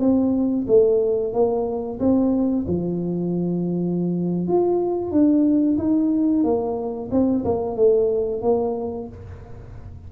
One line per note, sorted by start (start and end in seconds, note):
0.00 0.66 C4
0.68 1.33 A3
1.33 1.99 A#3
2.00 2.66 C4
2.68 4.48 F3
4.48 5.12 F4
5.12 5.78 D4
5.78 6.44 D#4
6.44 7.10 A#3
7.12 7.45 C4
7.45 7.76 A#3
7.76 8.42 A3
8.42 9.08 A#3